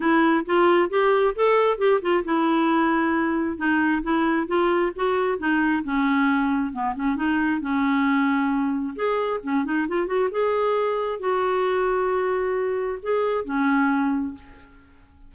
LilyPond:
\new Staff \with { instrumentName = "clarinet" } { \time 4/4 \tempo 4 = 134 e'4 f'4 g'4 a'4 | g'8 f'8 e'2. | dis'4 e'4 f'4 fis'4 | dis'4 cis'2 b8 cis'8 |
dis'4 cis'2. | gis'4 cis'8 dis'8 f'8 fis'8 gis'4~ | gis'4 fis'2.~ | fis'4 gis'4 cis'2 | }